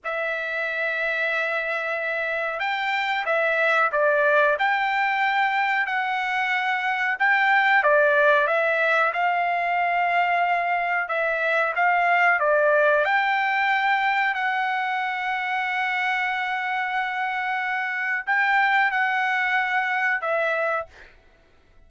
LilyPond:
\new Staff \with { instrumentName = "trumpet" } { \time 4/4 \tempo 4 = 92 e''1 | g''4 e''4 d''4 g''4~ | g''4 fis''2 g''4 | d''4 e''4 f''2~ |
f''4 e''4 f''4 d''4 | g''2 fis''2~ | fis''1 | g''4 fis''2 e''4 | }